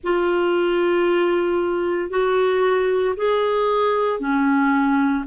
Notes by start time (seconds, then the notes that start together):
0.03 F4
2.10 F#4
3.16 G#4
4.19 C#4